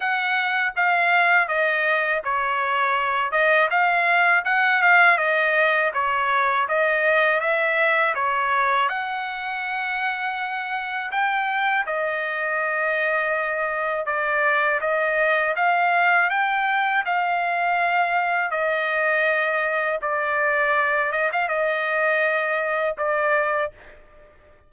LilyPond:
\new Staff \with { instrumentName = "trumpet" } { \time 4/4 \tempo 4 = 81 fis''4 f''4 dis''4 cis''4~ | cis''8 dis''8 f''4 fis''8 f''8 dis''4 | cis''4 dis''4 e''4 cis''4 | fis''2. g''4 |
dis''2. d''4 | dis''4 f''4 g''4 f''4~ | f''4 dis''2 d''4~ | d''8 dis''16 f''16 dis''2 d''4 | }